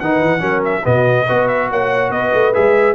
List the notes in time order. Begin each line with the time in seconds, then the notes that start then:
0.00 D#3 D#4 B4 F#5
0.21 E3
0.40 F#3 C#4 A#4
0.65 E5
0.84 B2 B3 F#4 D#5
1.28 B3 F#4 B4
1.48 E5
1.71 A#3 C#5 F#5
2.10 B3 B4 D#5
2.34 A3
2.54 G#3 G#4 E5